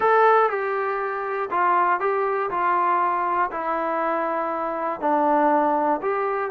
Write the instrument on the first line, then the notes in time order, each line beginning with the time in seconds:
trombone
0.00 A4
0.49 G4
1.50 F4
2.00 G4
2.50 F4
3.51 E4
5.00 D4
6.01 G4